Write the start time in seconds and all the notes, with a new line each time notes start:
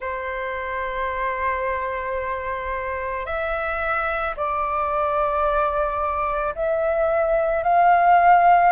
0.00 C5
3.25 E5
4.36 D5
6.55 E5
7.63 F5